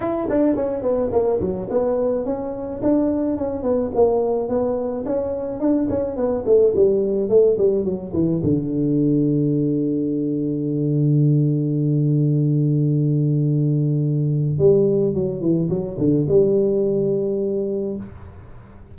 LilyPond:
\new Staff \with { instrumentName = "tuba" } { \time 4/4 \tempo 4 = 107 e'8 d'8 cis'8 b8 ais8 fis8 b4 | cis'4 d'4 cis'8 b8 ais4 | b4 cis'4 d'8 cis'8 b8 a8 | g4 a8 g8 fis8 e8 d4~ |
d1~ | d1~ | d2 g4 fis8 e8 | fis8 d8 g2. | }